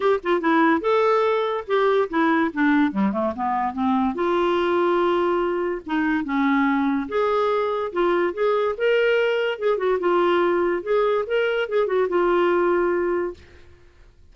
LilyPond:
\new Staff \with { instrumentName = "clarinet" } { \time 4/4 \tempo 4 = 144 g'8 f'8 e'4 a'2 | g'4 e'4 d'4 g8 a8 | b4 c'4 f'2~ | f'2 dis'4 cis'4~ |
cis'4 gis'2 f'4 | gis'4 ais'2 gis'8 fis'8 | f'2 gis'4 ais'4 | gis'8 fis'8 f'2. | }